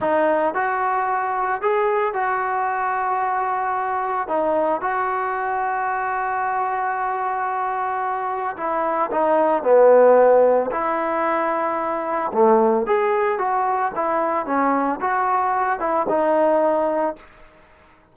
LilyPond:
\new Staff \with { instrumentName = "trombone" } { \time 4/4 \tempo 4 = 112 dis'4 fis'2 gis'4 | fis'1 | dis'4 fis'2.~ | fis'1 |
e'4 dis'4 b2 | e'2. a4 | gis'4 fis'4 e'4 cis'4 | fis'4. e'8 dis'2 | }